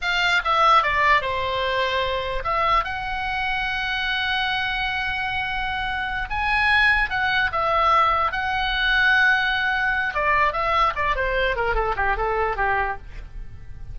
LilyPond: \new Staff \with { instrumentName = "oboe" } { \time 4/4 \tempo 4 = 148 f''4 e''4 d''4 c''4~ | c''2 e''4 fis''4~ | fis''1~ | fis''2.~ fis''8 gis''8~ |
gis''4. fis''4 e''4.~ | e''8 fis''2.~ fis''8~ | fis''4 d''4 e''4 d''8 c''8~ | c''8 ais'8 a'8 g'8 a'4 g'4 | }